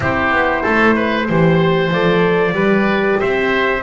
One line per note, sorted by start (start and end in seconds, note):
0.00 0.30 C4
0.00 1.26 E4
0.00 0.62 G4
0.00 1.93 C5
0.30 0.62 B3
0.62 1.29 A3
0.62 0.94 A4
0.95 1.27 B4
1.28 1.90 E3
1.28 1.91 G4
1.28 2.54 C5
1.90 2.51 F3
1.90 2.53 A4
1.90 3.20 D5
2.51 3.15 G3
2.51 3.81 G4
2.51 3.18 B4
3.20 3.82 C4
3.20 3.82 C5
3.20 3.82 E5